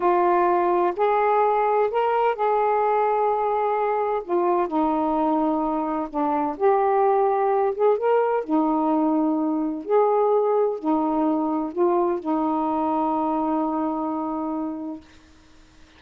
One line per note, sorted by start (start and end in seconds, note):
0.00 0.93 F4
0.96 1.90 G#4
1.90 2.35 A#4
2.35 4.22 G#4
4.24 4.67 F4
4.67 6.08 D#4
6.09 6.56 D4
6.57 7.74 G4
7.75 7.97 G#4
7.97 8.44 A#4
8.44 9.84 D#4
9.84 10.78 G#4
10.78 11.72 D#4
11.72 12.19 F4
12.19 15.00 D#4